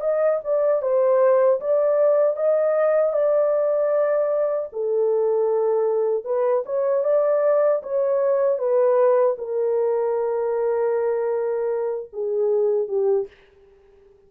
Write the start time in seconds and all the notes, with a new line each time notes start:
0.00 D#5
0.44 D5
0.81 C5
1.60 D5
2.36 D#5
3.12 D5
4.72 A4
6.24 B4
6.65 C#5
7.04 D5
7.82 C#5
8.58 B4
9.38 A#4
12.13 G#4
12.88 G4